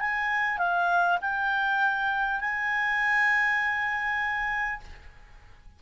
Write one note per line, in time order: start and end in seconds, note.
0.00 0.58 G#5
0.58 1.18 F5
1.21 2.41 G5
2.41 4.81 G#5